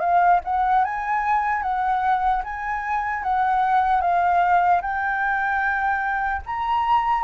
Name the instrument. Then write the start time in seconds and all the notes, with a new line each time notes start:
flute
0.00 F5
0.45 F#5
0.85 G#5
1.63 F#5
2.44 G#5
3.23 F#5
4.01 F5
4.82 G5
6.46 A#5